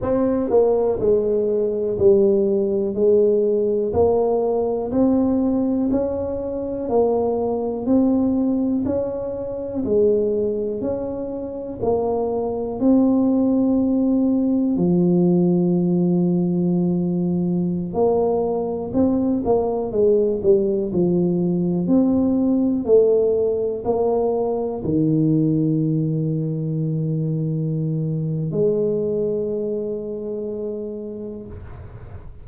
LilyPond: \new Staff \with { instrumentName = "tuba" } { \time 4/4 \tempo 4 = 61 c'8 ais8 gis4 g4 gis4 | ais4 c'4 cis'4 ais4 | c'4 cis'4 gis4 cis'4 | ais4 c'2 f4~ |
f2~ f16 ais4 c'8 ais16~ | ais16 gis8 g8 f4 c'4 a8.~ | a16 ais4 dis2~ dis8.~ | dis4 gis2. | }